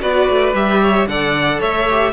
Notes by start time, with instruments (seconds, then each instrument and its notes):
0.00 cello B3, viola F#4, violin B4 D5
0.30 cello A3
0.53 cello G3, viola G4, violin E5
0.82 violin C#5
1.07 cello D3, viola A4, violin D5 F#5
1.59 cello A3, violin C#5 E5
1.90 viola G4